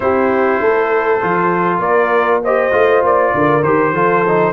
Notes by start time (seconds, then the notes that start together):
0.00 C4 E4 G4 C5
0.60 A3 A4
1.21 F3 F4
1.79 A#3 A#4 D5
2.43 G4 C5 D#5
2.71 A3 F4
3.02 A#3 D5
3.34 D3 A#4
3.62 D#3 G4 C5
3.92 F3 F4 A4
4.27 D#4